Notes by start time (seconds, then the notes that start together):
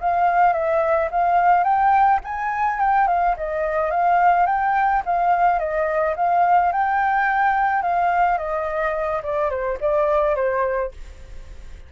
0.00 F5
0.53 E5
1.11 F5
1.64 G5
2.24 G#5
2.80 G5
3.07 F5
3.37 D#5
3.90 F5
4.46 G5
5.05 F5
5.59 D#5
6.16 F5
6.72 G5
7.82 F5
8.38 D#5
9.23 D5
9.49 C5
9.81 D5
10.35 C5